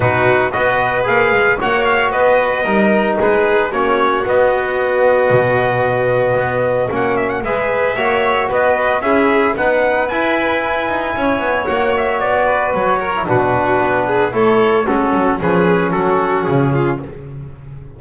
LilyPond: <<
  \new Staff \with { instrumentName = "trumpet" } { \time 4/4 \tempo 4 = 113 b'4 dis''4 f''4 fis''8 f''8 | dis''2 b'4 cis''4 | dis''1~ | dis''4 fis''8 e''16 fis''16 e''2 |
dis''4 e''4 fis''4 gis''4~ | gis''2 fis''8 e''8 d''4 | cis''4 b'2 cis''4 | a'4 b'4 a'4 gis'4 | }
  \new Staff \with { instrumentName = "violin" } { \time 4/4 fis'4 b'2 cis''4 | b'4 ais'4 gis'4 fis'4~ | fis'1~ | fis'2 b'4 cis''4 |
b'4 gis'4 b'2~ | b'4 cis''2~ cis''8 b'8~ | b'8 ais'8 fis'4. gis'8 a'4 | cis'4 gis'4 fis'4. f'8 | }
  \new Staff \with { instrumentName = "trombone" } { \time 4/4 dis'4 fis'4 gis'4 fis'4~ | fis'4 dis'2 cis'4 | b1~ | b4 cis'4 gis'4 fis'4~ |
fis'4 e'4 dis'4 e'4~ | e'2 fis'2~ | fis'8. e'16 d'2 e'4 | fis'4 cis'2. | }
  \new Staff \with { instrumentName = "double bass" } { \time 4/4 b,4 b4 ais8 gis8 ais4 | b4 g4 gis4 ais4 | b2 b,2 | b4 ais4 gis4 ais4 |
b4 cis'4 b4 e'4~ | e'8 dis'8 cis'8 b8 ais4 b4 | fis4 b,4 b4 a4 | gis8 fis8 f4 fis4 cis4 | }
>>